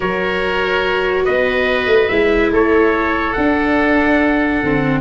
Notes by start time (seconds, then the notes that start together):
0.00 F#3 F#4 A#4 C#5
1.24 B3 B4 D#5
1.86 A3
2.08 G#3 E4 E5
2.51 A3 A4 C#5
3.33 D4 F#5
3.39 D4
4.62 D3 C4